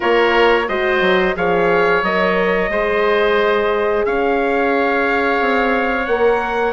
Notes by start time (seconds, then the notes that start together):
0.00 A#3 F4 A#4 C#5
0.68 G#3 F#4 C5 D#5
1.00 F#3
1.36 F3 G#4 C#5 F5
2.02 F#3 A#4 D#5
2.69 G#3 G#4 C5
4.05 C#4 C#5 F5
5.39 C4
6.06 A#3 A#4 F#5